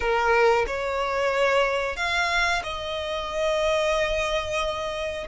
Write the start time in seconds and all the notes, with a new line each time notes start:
0.00 A#4
0.67 C#5
1.96 F5
2.63 D#5